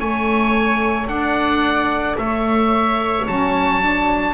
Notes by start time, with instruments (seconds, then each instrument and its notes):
0.00 double bass A3, saxophone A4, viola C#5, oboe G#5
1.07 double bass D4, viola D5, oboe F#5
2.18 double bass A3, viola C#5, oboe E5
3.27 double bass F#3, saxophone C#4, oboe A5
3.81 saxophone D4